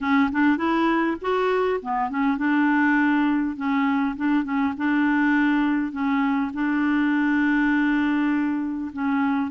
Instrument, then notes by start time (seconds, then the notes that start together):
clarinet
0.01 C#4
0.32 D4
0.57 E4
1.21 F#4
1.81 B3
2.10 C#4
2.37 D4
3.56 C#4
4.16 D4
4.44 C#4
4.77 D4
5.92 C#4
6.53 D4
8.92 C#4